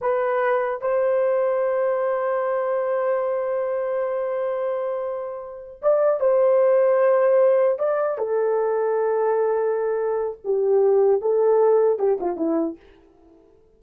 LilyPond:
\new Staff \with { instrumentName = "horn" } { \time 4/4 \tempo 4 = 150 b'2 c''2~ | c''1~ | c''1~ | c''2~ c''8 d''4 c''8~ |
c''2.~ c''8 d''8~ | d''8 a'2.~ a'8~ | a'2 g'2 | a'2 g'8 f'8 e'4 | }